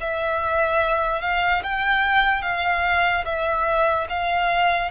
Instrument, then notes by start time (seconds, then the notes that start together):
violin
0.00 E5
1.21 F5
1.63 G5
2.42 F5
3.25 E5
4.09 F5